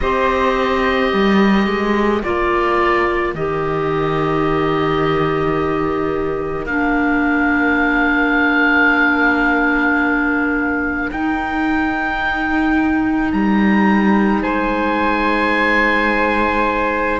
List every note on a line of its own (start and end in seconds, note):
0.00 1.12 C4
0.00 2.23 G4
0.00 1.10 C5
0.00 2.22 D#5
1.10 1.66 G3
1.10 14.42 A#4
1.66 2.22 G#3
2.23 3.34 A#3
2.23 3.34 F4
2.23 3.34 D5
3.34 6.65 D#3
3.34 6.67 G4
3.34 6.66 D#5
6.65 11.09 A#3
6.65 11.12 D4
6.65 11.10 F5
11.11 13.32 D#4
11.11 17.20 D#4
11.11 13.32 G5
13.32 14.44 G3
13.32 14.43 A#5
14.42 17.20 G#3
14.42 17.20 C5
14.42 17.20 G#5